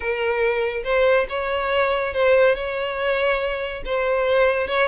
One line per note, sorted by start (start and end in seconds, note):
0.00 0.83 A#4
0.84 1.26 C5
1.29 2.13 C#5
2.13 2.55 C5
2.55 3.82 C#5
3.85 4.67 C5
4.67 4.87 C#5